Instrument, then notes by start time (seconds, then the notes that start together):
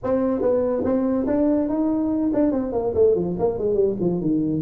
tuba
0.03 C4
0.41 B3
0.84 C4
1.27 D4
1.68 D#4
2.33 D4
2.51 C4
2.72 A#3
2.94 A3
3.15 F3
3.39 A#3
3.58 G#3
3.74 G3
4.00 F3
4.21 D#3